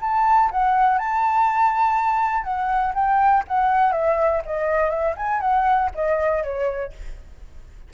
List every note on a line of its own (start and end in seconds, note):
0.00 0.50 A5
0.51 0.98 F#5
0.98 2.43 A5
2.43 2.93 F#5
2.94 3.43 G5
3.47 3.92 F#5
3.92 4.42 E5
4.45 4.89 D#5
4.89 5.14 E5
5.16 5.40 G#5
5.40 5.90 F#5
5.94 6.43 D#5
6.43 6.92 C#5